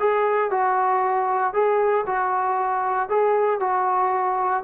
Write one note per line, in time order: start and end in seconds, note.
0.00 0.51 G#4
0.51 1.54 F#4
1.54 2.06 G#4
2.07 3.10 F#4
3.10 3.61 G#4
3.61 4.64 F#4